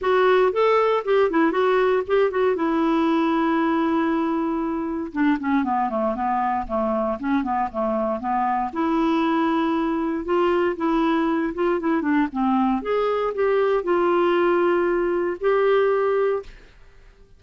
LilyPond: \new Staff \with { instrumentName = "clarinet" } { \time 4/4 \tempo 4 = 117 fis'4 a'4 g'8 e'8 fis'4 | g'8 fis'8 e'2.~ | e'2 d'8 cis'8 b8 a8 | b4 a4 cis'8 b8 a4 |
b4 e'2. | f'4 e'4. f'8 e'8 d'8 | c'4 gis'4 g'4 f'4~ | f'2 g'2 | }